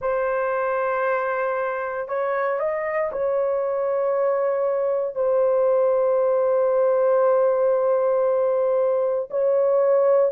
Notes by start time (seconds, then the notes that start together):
0.01 C5
2.07 C#5
2.59 D#5
3.12 C#5
5.15 C5
9.30 C#5